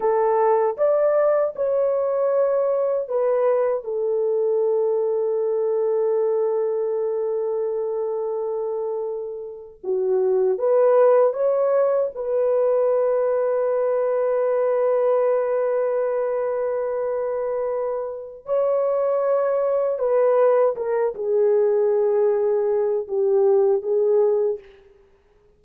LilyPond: \new Staff \with { instrumentName = "horn" } { \time 4/4 \tempo 4 = 78 a'4 d''4 cis''2 | b'4 a'2.~ | a'1~ | a'8. fis'4 b'4 cis''4 b'16~ |
b'1~ | b'1 | cis''2 b'4 ais'8 gis'8~ | gis'2 g'4 gis'4 | }